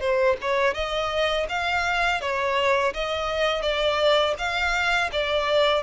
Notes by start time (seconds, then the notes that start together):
0.00 C5
0.41 C#5
0.74 D#5
1.49 F5
2.21 C#5
2.94 D#5
3.62 D5
4.38 F5
5.12 D5